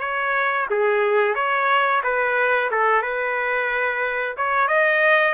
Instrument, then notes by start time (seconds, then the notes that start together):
trumpet
0.00 C#5
0.70 G#4
1.35 C#5
2.03 B4
2.71 A4
3.02 B4
4.37 C#5
4.67 D#5